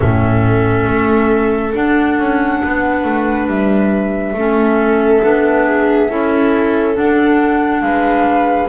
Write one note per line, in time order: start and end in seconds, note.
0.00 0.86 A2
0.00 1.73 C#4
0.00 2.61 A4
0.00 1.73 E5
0.86 1.72 A3
1.73 4.34 D4
1.73 2.18 D4
1.73 3.48 F#5
2.18 2.62 C#4
2.63 3.03 B3
2.63 4.36 B4
3.03 3.47 A3
3.47 4.33 G3
3.47 6.96 E5
4.33 5.20 A3
4.33 5.22 C#4
4.33 5.66 A4
5.22 6.10 B3
5.22 6.09 D4
5.66 6.09 G#4
6.09 6.97 C#4
6.09 6.94 E4
6.09 7.83 A4
6.94 8.68 D4
6.94 7.82 D4
6.94 7.81 F#5
7.81 8.69 G#3
7.81 8.69 B4
7.81 8.68 F5